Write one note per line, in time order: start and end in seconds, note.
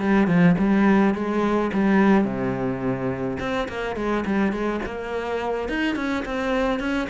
0.00 0.27 G3
0.27 0.55 F3
0.58 1.14 G3
1.14 1.71 G#3
1.73 2.25 G3
2.25 3.38 C3
3.40 3.68 C4
3.68 3.96 A#3
3.96 4.25 G#3
4.26 4.52 G3
4.52 4.81 G#3
4.86 5.69 A#3
5.69 5.96 D#4
5.96 6.24 C#4
6.25 6.80 C4
6.80 7.08 C#4